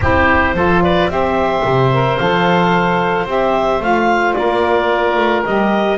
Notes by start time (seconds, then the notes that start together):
0.01 C4 E4 G4 C5
0.54 F3 F4 A4
0.83 B4 D5
1.08 C4 G4 C5 E5
1.64 C3
1.92 A#4
2.17 F3 A4 F5
3.25 C4 G4 E5
3.79 A3 F4 F5
4.33 A#3 A#4 D5
5.16 A3
5.45 G3 G4 D#5